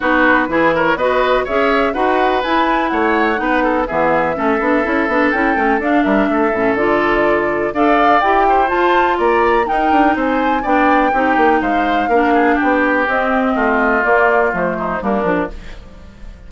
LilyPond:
<<
  \new Staff \with { instrumentName = "flute" } { \time 4/4 \tempo 4 = 124 b'4. cis''8 dis''4 e''4 | fis''4 gis''4 fis''2 | e''2. g''4 | f''8 e''4. d''2 |
f''4 g''4 a''4 ais''4 | g''4 gis''4 g''2 | f''2 g''4 dis''4~ | dis''4 d''4 c''4 ais'4 | }
  \new Staff \with { instrumentName = "oboe" } { \time 4/4 fis'4 gis'8 ais'8 b'4 cis''4 | b'2 cis''4 b'8 a'8 | gis'4 a'2.~ | a'8 ais'8 a'2. |
d''4. c''4. d''4 | ais'4 c''4 d''4 g'4 | c''4 ais'8 gis'8 g'2 | f'2~ f'8 dis'8 d'4 | }
  \new Staff \with { instrumentName = "clarinet" } { \time 4/4 dis'4 e'4 fis'4 gis'4 | fis'4 e'2 dis'4 | b4 cis'8 d'8 e'8 d'8 e'8 cis'8 | d'4. cis'8 f'2 |
a'4 g'4 f'2 | dis'2 d'4 dis'4~ | dis'4 d'2 c'4~ | c'4 ais4 a4 ais8 d'8 | }
  \new Staff \with { instrumentName = "bassoon" } { \time 4/4 b4 e4 b4 cis'4 | dis'4 e'4 a4 b4 | e4 a8 b8 cis'8 b8 cis'8 a8 | d'8 g8 a8 a,8 d2 |
d'4 e'4 f'4 ais4 | dis'8 d'8 c'4 b4 c'8 ais8 | gis4 ais4 b4 c'4 | a4 ais4 f4 g8 f8 | }
>>